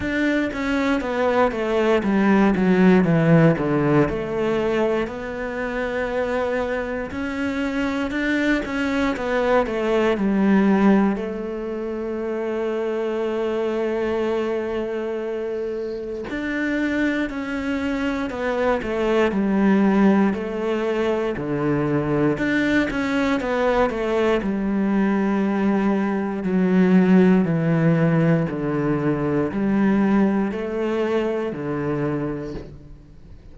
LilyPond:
\new Staff \with { instrumentName = "cello" } { \time 4/4 \tempo 4 = 59 d'8 cis'8 b8 a8 g8 fis8 e8 d8 | a4 b2 cis'4 | d'8 cis'8 b8 a8 g4 a4~ | a1 |
d'4 cis'4 b8 a8 g4 | a4 d4 d'8 cis'8 b8 a8 | g2 fis4 e4 | d4 g4 a4 d4 | }